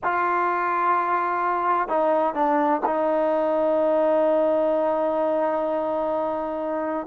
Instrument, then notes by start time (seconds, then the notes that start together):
trombone
0.03 F4
1.88 D#4
2.34 D4
2.85 D#4